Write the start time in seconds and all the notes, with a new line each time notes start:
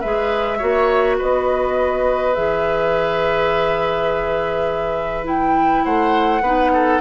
0.00 G#3 G#4 B4 E5
0.58 A#3 F#4 C#5
1.18 B3 B4 D#5
2.34 E3 G#4 E5
5.24 E4 G5
5.85 A3 C5 F#5
6.41 B3 D#4 B4
6.73 A4